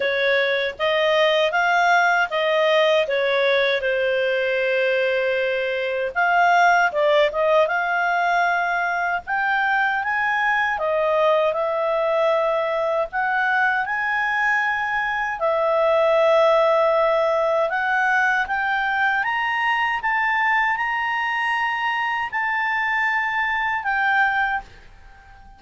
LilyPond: \new Staff \with { instrumentName = "clarinet" } { \time 4/4 \tempo 4 = 78 cis''4 dis''4 f''4 dis''4 | cis''4 c''2. | f''4 d''8 dis''8 f''2 | g''4 gis''4 dis''4 e''4~ |
e''4 fis''4 gis''2 | e''2. fis''4 | g''4 ais''4 a''4 ais''4~ | ais''4 a''2 g''4 | }